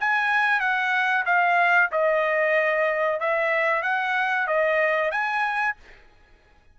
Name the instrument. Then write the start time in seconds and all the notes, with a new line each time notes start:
trumpet
0.00 G#5
0.60 F#5
1.26 F5
1.91 D#5
3.20 E5
3.82 F#5
4.47 D#5
5.11 G#5